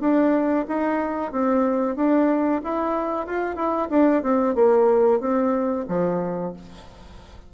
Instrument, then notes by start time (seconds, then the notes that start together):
bassoon
0.00 D4
0.68 D#4
1.32 C4
1.96 D4
2.64 E4
3.26 F4
3.55 E4
3.90 D4
4.22 C4
4.55 A#3
5.20 C4
5.88 F3